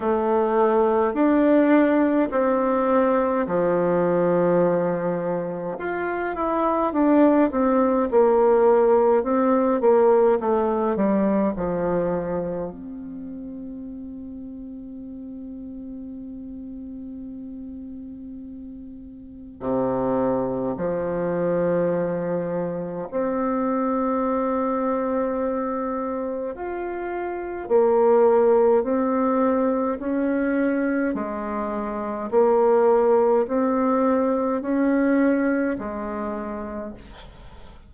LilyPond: \new Staff \with { instrumentName = "bassoon" } { \time 4/4 \tempo 4 = 52 a4 d'4 c'4 f4~ | f4 f'8 e'8 d'8 c'8 ais4 | c'8 ais8 a8 g8 f4 c'4~ | c'1~ |
c'4 c4 f2 | c'2. f'4 | ais4 c'4 cis'4 gis4 | ais4 c'4 cis'4 gis4 | }